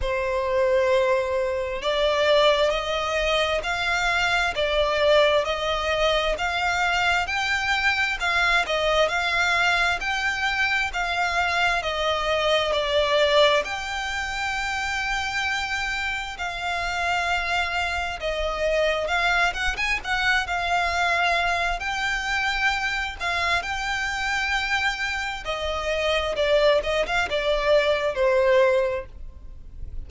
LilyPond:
\new Staff \with { instrumentName = "violin" } { \time 4/4 \tempo 4 = 66 c''2 d''4 dis''4 | f''4 d''4 dis''4 f''4 | g''4 f''8 dis''8 f''4 g''4 | f''4 dis''4 d''4 g''4~ |
g''2 f''2 | dis''4 f''8 fis''16 gis''16 fis''8 f''4. | g''4. f''8 g''2 | dis''4 d''8 dis''16 f''16 d''4 c''4 | }